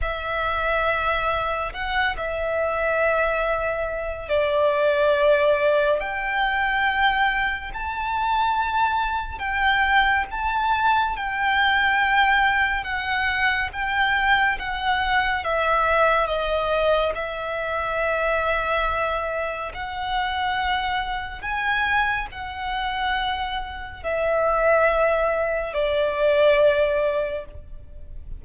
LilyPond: \new Staff \with { instrumentName = "violin" } { \time 4/4 \tempo 4 = 70 e''2 fis''8 e''4.~ | e''4 d''2 g''4~ | g''4 a''2 g''4 | a''4 g''2 fis''4 |
g''4 fis''4 e''4 dis''4 | e''2. fis''4~ | fis''4 gis''4 fis''2 | e''2 d''2 | }